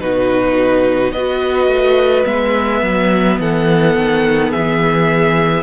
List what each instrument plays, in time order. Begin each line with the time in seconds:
0.00 cello B2, viola D#4, violin F#4 B4
1.12 cello B3, viola F#4, violin B4 D#5
1.67 cello A3
2.25 cello G#3, viola B3, violin E5
2.83 cello F#3
3.39 cello E3, violin A4 F#5
3.96 cello D#3
4.51 cello E3, violin G#4 E5